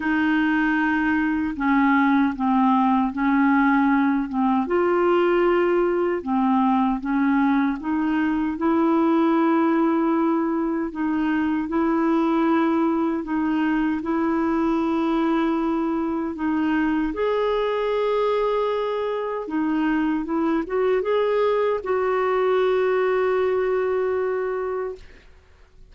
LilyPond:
\new Staff \with { instrumentName = "clarinet" } { \time 4/4 \tempo 4 = 77 dis'2 cis'4 c'4 | cis'4. c'8 f'2 | c'4 cis'4 dis'4 e'4~ | e'2 dis'4 e'4~ |
e'4 dis'4 e'2~ | e'4 dis'4 gis'2~ | gis'4 dis'4 e'8 fis'8 gis'4 | fis'1 | }